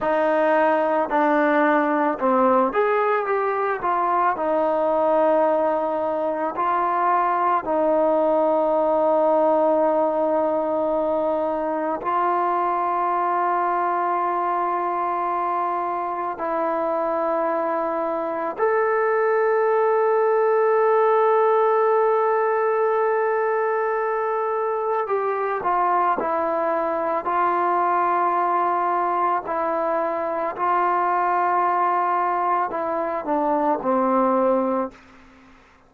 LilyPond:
\new Staff \with { instrumentName = "trombone" } { \time 4/4 \tempo 4 = 55 dis'4 d'4 c'8 gis'8 g'8 f'8 | dis'2 f'4 dis'4~ | dis'2. f'4~ | f'2. e'4~ |
e'4 a'2.~ | a'2. g'8 f'8 | e'4 f'2 e'4 | f'2 e'8 d'8 c'4 | }